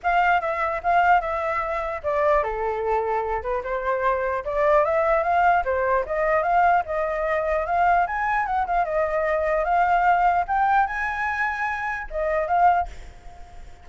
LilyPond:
\new Staff \with { instrumentName = "flute" } { \time 4/4 \tempo 4 = 149 f''4 e''4 f''4 e''4~ | e''4 d''4 a'2~ | a'8 b'8 c''2 d''4 | e''4 f''4 c''4 dis''4 |
f''4 dis''2 f''4 | gis''4 fis''8 f''8 dis''2 | f''2 g''4 gis''4~ | gis''2 dis''4 f''4 | }